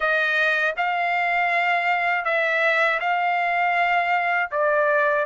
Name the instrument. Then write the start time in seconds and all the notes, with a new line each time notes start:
trumpet
0.00 D#5
0.77 F5
2.24 E5
3.00 F5
4.51 D5